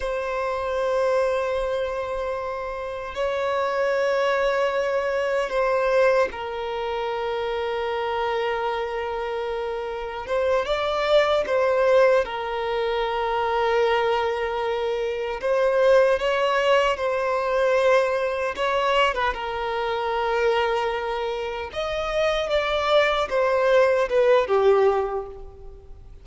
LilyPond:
\new Staff \with { instrumentName = "violin" } { \time 4/4 \tempo 4 = 76 c''1 | cis''2. c''4 | ais'1~ | ais'4 c''8 d''4 c''4 ais'8~ |
ais'2.~ ais'8 c''8~ | c''8 cis''4 c''2 cis''8~ | cis''16 b'16 ais'2. dis''8~ | dis''8 d''4 c''4 b'8 g'4 | }